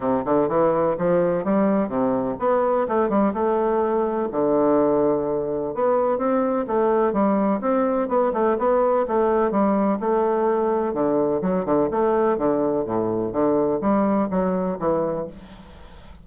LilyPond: \new Staff \with { instrumentName = "bassoon" } { \time 4/4 \tempo 4 = 126 c8 d8 e4 f4 g4 | c4 b4 a8 g8 a4~ | a4 d2. | b4 c'4 a4 g4 |
c'4 b8 a8 b4 a4 | g4 a2 d4 | fis8 d8 a4 d4 a,4 | d4 g4 fis4 e4 | }